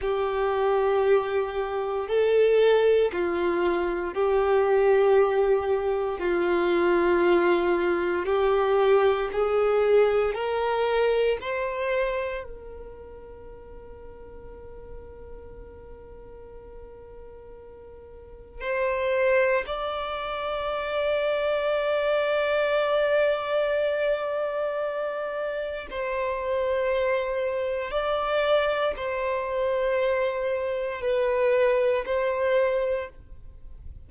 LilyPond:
\new Staff \with { instrumentName = "violin" } { \time 4/4 \tempo 4 = 58 g'2 a'4 f'4 | g'2 f'2 | g'4 gis'4 ais'4 c''4 | ais'1~ |
ais'2 c''4 d''4~ | d''1~ | d''4 c''2 d''4 | c''2 b'4 c''4 | }